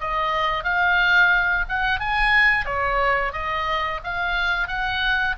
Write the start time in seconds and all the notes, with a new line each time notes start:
0.00 D#5
0.63 F5
1.68 F#5
1.99 G#5
2.65 C#5
3.32 D#5
4.04 F5
4.68 F#5